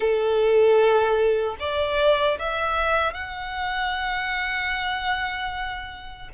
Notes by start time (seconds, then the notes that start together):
0.00 A4
1.59 D5
2.39 E5
3.13 F#5